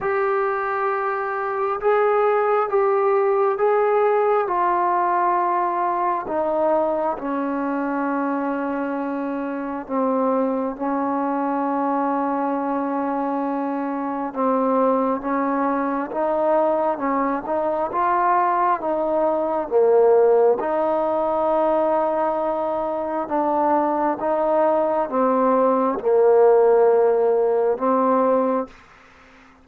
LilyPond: \new Staff \with { instrumentName = "trombone" } { \time 4/4 \tempo 4 = 67 g'2 gis'4 g'4 | gis'4 f'2 dis'4 | cis'2. c'4 | cis'1 |
c'4 cis'4 dis'4 cis'8 dis'8 | f'4 dis'4 ais4 dis'4~ | dis'2 d'4 dis'4 | c'4 ais2 c'4 | }